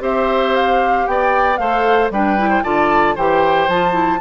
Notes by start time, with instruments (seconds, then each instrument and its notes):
0.00 bassoon C4, clarinet G4, oboe C5, flute E5
0.56 flute F5
1.07 bassoon B3, oboe D5, flute G5
1.57 bassoon A3, clarinet A4, oboe C5, flute F5
2.10 bassoon G3, clarinet D4, oboe B4, flute G5
2.38 clarinet E4
2.50 oboe C5
2.63 bassoon D3, clarinet F4, oboe D5, flute A5
3.15 bassoon E3, clarinet G4, oboe C5, flute G5
3.67 bassoon F3, clarinet F4, flute A5
3.92 clarinet E4